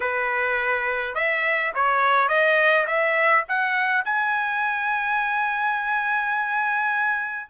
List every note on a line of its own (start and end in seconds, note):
0.00 1.14 B4
1.14 1.72 E5
1.74 2.28 C#5
2.28 2.86 D#5
2.86 3.44 E5
3.48 4.04 F#5
4.04 7.49 G#5